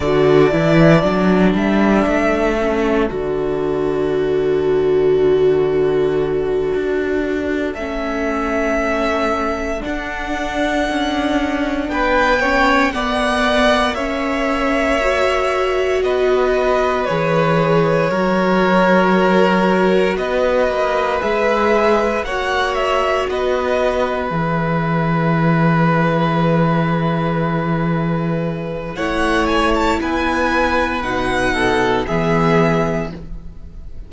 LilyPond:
<<
  \new Staff \with { instrumentName = "violin" } { \time 4/4 \tempo 4 = 58 d''4. e''4. d''4~ | d''2.~ d''8 e''8~ | e''4. fis''2 g''8~ | g''8 fis''4 e''2 dis''8~ |
dis''8 cis''2. dis''8~ | dis''8 e''4 fis''8 e''8 dis''4 e''8~ | e''1 | fis''8 gis''16 a''16 gis''4 fis''4 e''4 | }
  \new Staff \with { instrumentName = "violin" } { \time 4/4 a'1~ | a'1~ | a'2.~ a'8 b'8 | cis''8 d''4 cis''2 b'8~ |
b'4. ais'2 b'8~ | b'4. cis''4 b'4.~ | b'1 | cis''4 b'4. a'8 gis'4 | }
  \new Staff \with { instrumentName = "viola" } { \time 4/4 fis'8 e'8 d'4. cis'8 fis'4~ | fis'2.~ fis'8 cis'8~ | cis'4. d'2~ d'8 | cis'8 b4 cis'4 fis'4.~ |
fis'8 gis'4 fis'2~ fis'8~ | fis'8 gis'4 fis'2 gis'8~ | gis'1 | e'2 dis'4 b4 | }
  \new Staff \with { instrumentName = "cello" } { \time 4/4 d8 e8 fis8 g8 a4 d4~ | d2~ d8 d'4 a8~ | a4. d'4 cis'4 b8~ | b8 ais2. b8~ |
b8 e4 fis2 b8 | ais8 gis4 ais4 b4 e8~ | e1 | a4 b4 b,4 e4 | }
>>